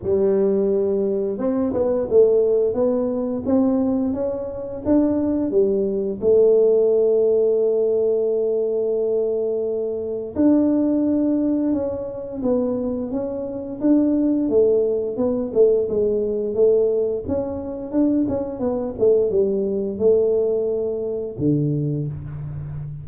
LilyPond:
\new Staff \with { instrumentName = "tuba" } { \time 4/4 \tempo 4 = 87 g2 c'8 b8 a4 | b4 c'4 cis'4 d'4 | g4 a2.~ | a2. d'4~ |
d'4 cis'4 b4 cis'4 | d'4 a4 b8 a8 gis4 | a4 cis'4 d'8 cis'8 b8 a8 | g4 a2 d4 | }